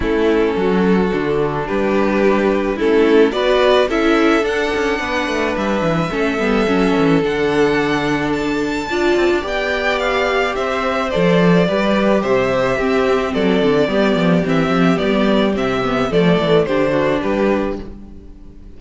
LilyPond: <<
  \new Staff \with { instrumentName = "violin" } { \time 4/4 \tempo 4 = 108 a'2. b'4~ | b'4 a'4 d''4 e''4 | fis''2 e''2~ | e''4 fis''2 a''4~ |
a''4 g''4 f''4 e''4 | d''2 e''2 | d''2 e''4 d''4 | e''4 d''4 c''4 b'4 | }
  \new Staff \with { instrumentName = "violin" } { \time 4/4 e'4 fis'2 g'4~ | g'4 e'4 b'4 a'4~ | a'4 b'2 a'4~ | a'1 |
d''2. c''4~ | c''4 b'4 c''4 g'4 | a'4 g'2.~ | g'4 a'4 g'8 fis'8 g'4 | }
  \new Staff \with { instrumentName = "viola" } { \time 4/4 cis'2 d'2~ | d'4 cis'4 fis'4 e'4 | d'2. cis'8 b8 | cis'4 d'2. |
f'4 g'2. | a'4 g'2 c'4~ | c'4 b4 c'4 b4 | c'8 b8 a4 d'2 | }
  \new Staff \with { instrumentName = "cello" } { \time 4/4 a4 fis4 d4 g4~ | g4 a4 b4 cis'4 | d'8 cis'8 b8 a8 g8 e8 a8 g8 | fis8 e8 d2. |
d'8 c'16 d'16 b2 c'4 | f4 g4 c4 c'4 | fis8 d8 g8 f8 e8 f8 g4 | c4 f8 e8 d4 g4 | }
>>